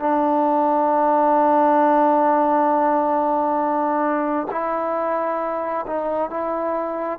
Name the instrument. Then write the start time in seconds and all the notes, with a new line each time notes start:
trombone
0.00 D4
4.51 E4
5.87 D#4
6.30 E4